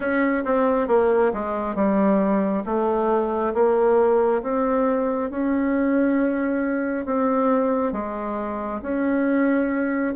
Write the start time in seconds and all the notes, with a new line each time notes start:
0.00 C#4
0.44 C4
0.87 A#3
1.33 G#3
1.74 G3
2.65 A3
3.53 A#3
4.42 C4
5.30 C#4
7.05 C4
7.92 G#3
8.82 C#4